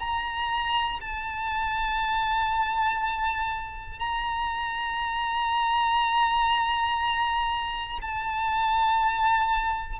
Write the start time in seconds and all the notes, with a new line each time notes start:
0.00 A#5
1.01 A5
4.00 A#5
8.02 A5